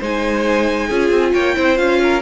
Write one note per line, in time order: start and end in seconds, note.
0.00 0.91 G#3
0.00 0.91 D#4
0.00 0.88 C5
0.00 1.34 G#5
0.88 1.11 C#4
0.88 1.55 F4
0.88 1.32 G#4
1.11 1.33 C4
1.34 1.57 A#3
1.34 1.56 C#5
1.34 1.78 G5
1.55 1.80 C4
1.55 1.77 E4
1.55 2.01 C5
1.77 2.23 C#4
1.77 2.21 F4
1.77 2.22 F5
2.03 2.23 A#4